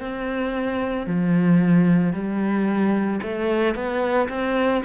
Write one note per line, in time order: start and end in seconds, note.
0.00 1.07 C4
1.07 2.13 F3
2.13 3.20 G3
3.22 3.75 A3
3.75 4.29 B3
4.29 4.83 C4